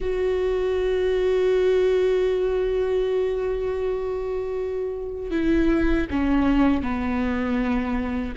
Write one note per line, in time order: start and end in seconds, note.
0.00 5.30 F#4
5.30 6.06 E4
6.10 6.82 C#4
6.82 8.34 B3